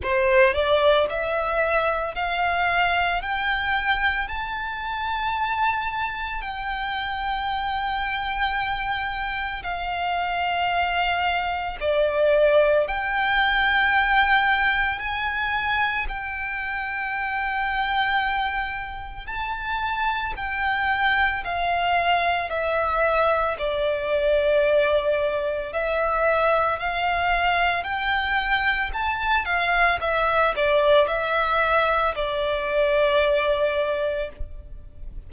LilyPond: \new Staff \with { instrumentName = "violin" } { \time 4/4 \tempo 4 = 56 c''8 d''8 e''4 f''4 g''4 | a''2 g''2~ | g''4 f''2 d''4 | g''2 gis''4 g''4~ |
g''2 a''4 g''4 | f''4 e''4 d''2 | e''4 f''4 g''4 a''8 f''8 | e''8 d''8 e''4 d''2 | }